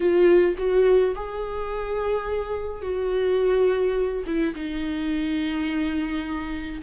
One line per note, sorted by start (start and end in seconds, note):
0.00 0.55 F4
0.58 1.14 F#4
1.15 2.82 G#4
2.82 4.23 F#4
4.26 4.54 E4
4.55 6.81 D#4